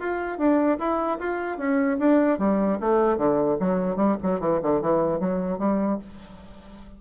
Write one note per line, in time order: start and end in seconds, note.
0.00 0.39 F4
0.39 0.79 D4
0.79 1.19 E4
1.19 1.58 F4
1.58 1.98 C#4
1.99 2.39 D4
2.39 2.79 G3
2.81 3.18 A3
3.18 3.58 D3
3.60 3.97 F#3
3.97 4.17 G3
4.23 4.41 F#3
4.41 4.61 E3
4.63 4.82 D3
4.82 5.20 E3
5.20 5.59 F#3
5.59 5.99 G3